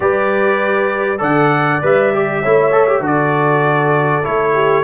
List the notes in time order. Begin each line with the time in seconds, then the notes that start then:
0.00 G3 G4 B4 D5
1.18 D3 A4 D5 F#5
1.82 G3 B4 E5
2.13 G4
2.41 A3 E4 C#5
2.71 A4
2.87 G4
3.00 D3 F#4 A4 D5
4.23 A3 E4 C#5
4.54 G4